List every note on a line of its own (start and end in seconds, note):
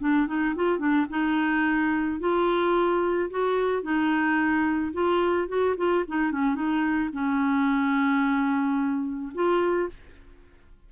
0.00 0.27 D4
0.27 0.55 D#4
0.56 0.79 F4
0.79 1.06 D4
1.10 2.20 D#4
2.20 3.30 F4
3.31 3.83 F#4
3.83 4.93 D#4
4.93 5.48 F4
5.48 5.76 F#4
5.77 6.05 F4
6.08 6.32 D#4
6.32 6.55 C#4
6.55 7.10 D#4
7.13 9.33 C#4
9.34 9.89 F4